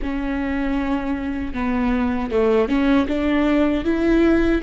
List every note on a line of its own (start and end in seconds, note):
0.02 1.53 C#4
1.53 2.30 B3
2.30 2.68 A3
2.68 3.07 C#4
3.07 3.84 D4
3.84 4.61 E4